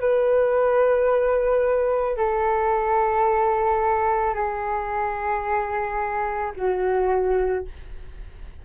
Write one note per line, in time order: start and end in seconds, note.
0.00 2.17 B4
2.17 4.34 A4
4.34 6.53 G#4
6.57 7.66 F#4